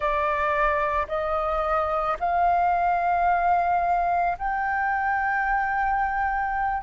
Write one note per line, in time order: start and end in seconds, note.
0.00 1.07 D5
1.08 2.17 D#5
2.19 4.37 F5
4.38 6.82 G5